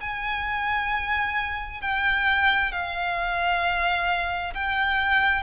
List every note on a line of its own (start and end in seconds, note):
0.00 1.81 G#5
1.81 2.71 G5
2.71 4.53 F5
4.54 5.42 G5